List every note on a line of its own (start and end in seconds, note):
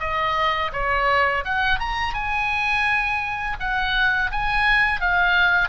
0.00 0.71 D#5
0.73 1.44 C#5
1.45 1.80 F#5
1.80 2.14 A#5
2.14 3.57 G#5
3.60 4.31 F#5
4.31 5.00 G#5
5.00 5.69 F5